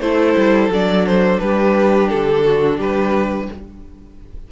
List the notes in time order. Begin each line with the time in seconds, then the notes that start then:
0.00 A3 E4 A4 C5
0.36 G3
0.68 F#3 D4 D5
1.06 C5
1.39 G3 G4 B4
2.08 D3 A4
2.44 F#4
2.77 G3 G4 B4